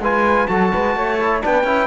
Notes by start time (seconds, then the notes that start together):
0.00 G#3 F4 B4 G#5
0.47 F#3 F#4 A4 A5
0.73 G#3 B4
0.96 A3 C#5
1.20 E4
1.41 B3 D4 B4 G5
1.64 C#4 E4